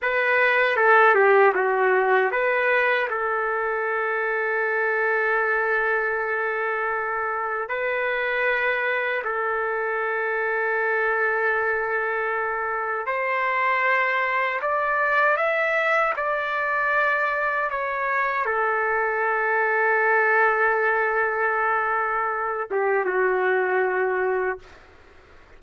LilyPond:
\new Staff \with { instrumentName = "trumpet" } { \time 4/4 \tempo 4 = 78 b'4 a'8 g'8 fis'4 b'4 | a'1~ | a'2 b'2 | a'1~ |
a'4 c''2 d''4 | e''4 d''2 cis''4 | a'1~ | a'4. g'8 fis'2 | }